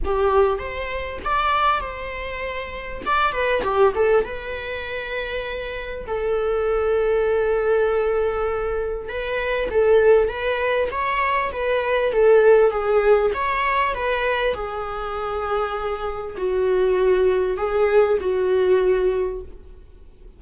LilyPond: \new Staff \with { instrumentName = "viola" } { \time 4/4 \tempo 4 = 99 g'4 c''4 d''4 c''4~ | c''4 d''8 b'8 g'8 a'8 b'4~ | b'2 a'2~ | a'2. b'4 |
a'4 b'4 cis''4 b'4 | a'4 gis'4 cis''4 b'4 | gis'2. fis'4~ | fis'4 gis'4 fis'2 | }